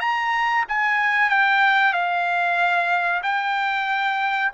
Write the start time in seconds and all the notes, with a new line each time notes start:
0.00 A#5
0.68 G#5
1.29 G5
1.93 F5
3.22 G5